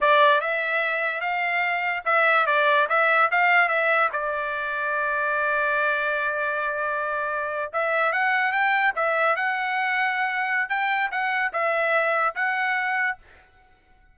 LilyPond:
\new Staff \with { instrumentName = "trumpet" } { \time 4/4 \tempo 4 = 146 d''4 e''2 f''4~ | f''4 e''4 d''4 e''4 | f''4 e''4 d''2~ | d''1~ |
d''2~ d''8. e''4 fis''16~ | fis''8. g''4 e''4 fis''4~ fis''16~ | fis''2 g''4 fis''4 | e''2 fis''2 | }